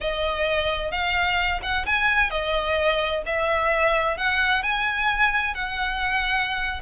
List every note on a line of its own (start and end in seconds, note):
0.00 0.91 D#5
0.91 1.60 F5
1.62 1.85 F#5
1.86 2.30 G#5
2.30 3.22 D#5
3.25 4.17 E5
4.17 4.63 F#5
4.63 5.54 G#5
5.54 6.81 F#5